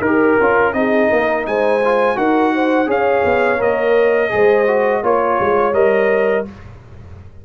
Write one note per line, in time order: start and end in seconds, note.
0.00 0.36 D#4
0.00 0.41 G4
0.00 0.71 A#4
0.00 0.73 A#4
0.40 0.73 C#4
0.40 0.74 F4
0.73 1.08 C4
0.73 1.81 D#4
0.73 1.09 G#4
0.73 1.45 D#5
1.09 1.47 A#3
1.09 1.45 A#4
1.46 2.17 G#3
1.46 2.17 C5
1.46 2.18 G#5
1.84 2.15 F4
2.15 2.87 D#4
2.15 2.86 F#4
2.15 2.53 A#4
2.15 2.89 F#5
2.55 2.88 C5
2.86 3.22 C#4
2.86 3.58 G#4
2.86 4.31 C#5
2.86 3.61 F5
3.24 3.60 B3
3.58 4.32 A#3
3.58 4.29 A#4
3.58 5.04 D#5
4.29 5.03 G#3
4.29 4.65 G#4
4.29 5.02 C5
4.67 5.03 F#4
5.02 5.38 A#3
5.02 5.74 F4
5.02 6.45 C#5
5.02 5.73 C#5
5.40 5.73 G#3
5.73 6.45 G3
5.73 6.45 A#4
5.73 6.45 D#5